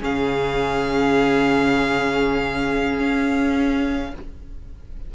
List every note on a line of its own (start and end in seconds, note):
0.00 2.99 C#3
0.00 4.11 C#4
0.00 4.10 G#4
0.00 4.15 F5
2.99 4.13 C#4